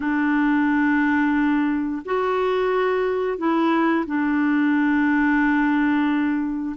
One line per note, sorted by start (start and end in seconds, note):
0.00 2.02 D4
2.05 3.37 F#4
3.37 4.05 E4
4.06 6.76 D4